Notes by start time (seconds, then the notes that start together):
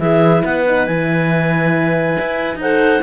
0.00 E3 E4 G#4 E5
0.43 B3 B4 F#5
0.67 D#4
0.87 E3 E4 G#5
2.19 E4
2.56 D#4 A4 C5 F#5